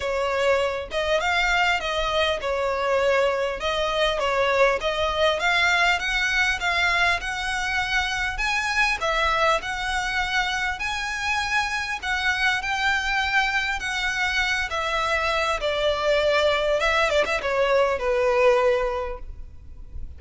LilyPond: \new Staff \with { instrumentName = "violin" } { \time 4/4 \tempo 4 = 100 cis''4. dis''8 f''4 dis''4 | cis''2 dis''4 cis''4 | dis''4 f''4 fis''4 f''4 | fis''2 gis''4 e''4 |
fis''2 gis''2 | fis''4 g''2 fis''4~ | fis''8 e''4. d''2 | e''8 d''16 e''16 cis''4 b'2 | }